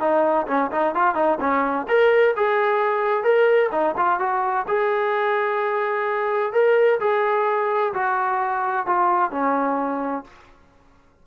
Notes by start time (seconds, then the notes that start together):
0.00 D#4
0.47 C#4
0.72 D#4
0.95 F4
1.15 D#4
1.40 C#4
1.88 A#4
2.36 G#4
3.23 A#4
3.72 D#4
3.97 F4
4.19 F#4
4.67 G#4
6.53 A#4
7.00 G#4
7.94 F#4
8.86 F4
9.31 C#4